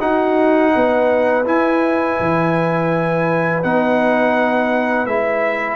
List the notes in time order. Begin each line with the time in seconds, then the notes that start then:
0.00 D#4 F#4 F#5
0.75 B3 B4
1.46 E4 G#5
2.20 E3
3.63 B3 D#4 F#5
5.06 G#3 E4 E5